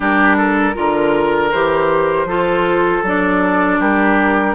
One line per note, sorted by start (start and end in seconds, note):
0.00 0.75 G3
0.00 0.74 D4
0.00 0.36 G4
0.00 1.51 A#4
0.37 0.75 A4
0.74 1.52 D3
0.74 1.50 F4
0.74 2.28 A#4
1.51 2.24 E3
1.51 2.27 G4
1.51 3.03 C5
2.24 3.00 F3
2.24 3.03 F4
2.24 3.79 A4
3.03 3.78 F#3
3.03 4.55 D4
3.03 3.81 D5
3.79 4.55 G3
3.79 4.55 G4
3.79 4.55 A#4